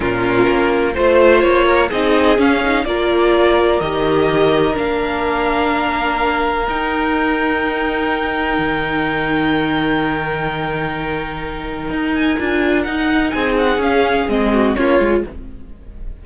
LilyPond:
<<
  \new Staff \with { instrumentName = "violin" } { \time 4/4 \tempo 4 = 126 ais'2 c''4 cis''4 | dis''4 f''4 d''2 | dis''2 f''2~ | f''2 g''2~ |
g''1~ | g''1~ | g''4. gis''4. fis''4 | gis''8 fis''8 f''4 dis''4 cis''4 | }
  \new Staff \with { instrumentName = "violin" } { \time 4/4 f'2 c''4. ais'8 | gis'2 ais'2~ | ais'1~ | ais'1~ |
ais'1~ | ais'1~ | ais'1 | gis'2~ gis'8 fis'8 f'4 | }
  \new Staff \with { instrumentName = "viola" } { \time 4/4 cis'2 f'2 | dis'4 cis'8 dis'8 f'2 | g'2 d'2~ | d'2 dis'2~ |
dis'1~ | dis'1~ | dis'2 f'4 dis'4~ | dis'4 cis'4 c'4 cis'8 f'8 | }
  \new Staff \with { instrumentName = "cello" } { \time 4/4 ais,4 ais4 a4 ais4 | c'4 cis'4 ais2 | dis2 ais2~ | ais2 dis'2~ |
dis'2 dis2~ | dis1~ | dis4 dis'4 d'4 dis'4 | c'4 cis'4 gis4 ais8 gis8 | }
>>